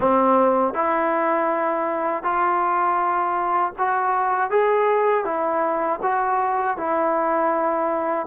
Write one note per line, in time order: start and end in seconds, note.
0.00 0.74 C4
0.74 2.23 E4
2.23 3.73 F4
3.78 4.50 F#4
4.50 5.24 G#4
5.24 5.99 E4
6.02 6.77 F#4
6.77 8.26 E4